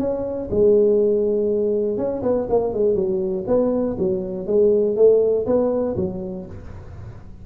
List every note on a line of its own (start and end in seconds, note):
0.00 0.50 C#4
0.51 1.98 G#3
1.98 2.22 C#4
2.23 2.48 B3
2.50 2.74 A#3
2.74 2.95 G#3
2.95 3.45 F#3
3.47 3.97 B3
3.99 4.47 F#3
4.47 4.97 G#3
4.97 5.46 A3
5.47 5.96 B3
5.97 6.46 F#3